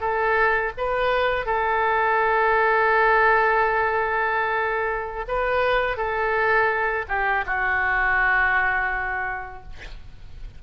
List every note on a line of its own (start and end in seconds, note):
0.00 0.72 A4
0.77 1.46 B4
1.46 5.25 A4
5.28 5.97 B4
5.97 7.05 A4
7.08 7.44 G4
7.46 9.63 F#4